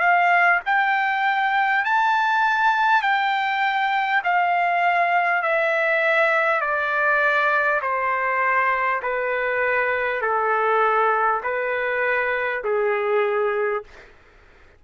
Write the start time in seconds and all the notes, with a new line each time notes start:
0.00 F5
0.65 G5
1.84 A5
3.02 G5
4.24 F5
5.42 E5
6.61 D5
7.82 C5
9.02 B4
10.22 A4
11.43 B4
12.64 G#4